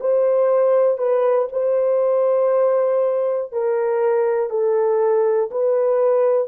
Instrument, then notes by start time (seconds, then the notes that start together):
horn
0.00 C5
0.98 B4
1.52 C5
3.52 A#4
4.50 A4
5.51 B4